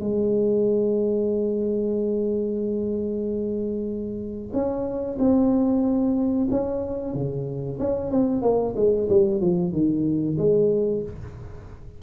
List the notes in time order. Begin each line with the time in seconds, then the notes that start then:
0.00 G#3
4.53 C#4
5.19 C4
6.50 C#4
7.14 C#3
7.79 C#4
8.11 C4
8.42 A#3
8.76 G#3
9.09 G3
9.40 F3
9.72 D#3
10.38 G#3